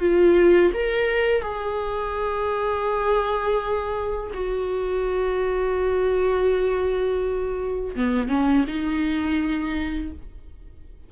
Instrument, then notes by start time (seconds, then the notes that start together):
viola
0.00 F4
0.74 A#4
1.42 G#4
4.34 F#4
7.96 B3
8.29 C#4
8.67 D#4